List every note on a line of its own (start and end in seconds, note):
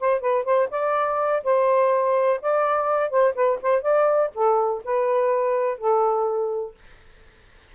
0.00 0.20 C5
0.20 0.45 B4
0.45 0.69 C5
0.70 1.43 D5
1.44 2.40 C5
2.41 3.10 D5
3.10 3.34 C5
3.35 3.59 B4
3.62 3.82 C5
3.82 4.30 D5
4.34 4.83 A4
4.85 5.78 B4
5.78 6.75 A4